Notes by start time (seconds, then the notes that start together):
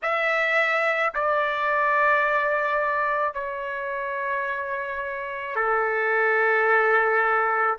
0.02 E5
1.14 D5
3.33 C#5
5.55 A4